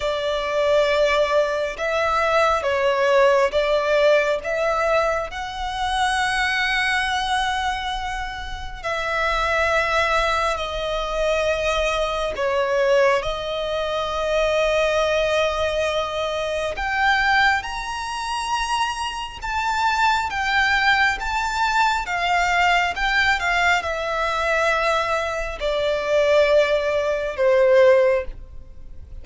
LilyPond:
\new Staff \with { instrumentName = "violin" } { \time 4/4 \tempo 4 = 68 d''2 e''4 cis''4 | d''4 e''4 fis''2~ | fis''2 e''2 | dis''2 cis''4 dis''4~ |
dis''2. g''4 | ais''2 a''4 g''4 | a''4 f''4 g''8 f''8 e''4~ | e''4 d''2 c''4 | }